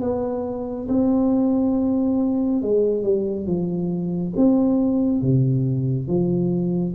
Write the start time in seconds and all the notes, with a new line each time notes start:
0.00 B3
0.88 C4
2.62 G#3
3.03 G3
3.46 F3
4.36 C4
5.21 C3
6.07 F3